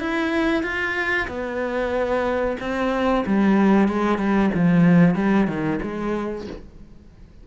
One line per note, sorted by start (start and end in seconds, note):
0.00 0.63 E4
0.63 1.28 F4
1.28 2.57 B3
2.60 3.25 C4
3.26 3.88 G3
3.88 4.18 G#3
4.18 4.50 G3
4.55 5.15 F3
5.15 5.48 G3
5.48 5.80 D#3
5.82 6.47 G#3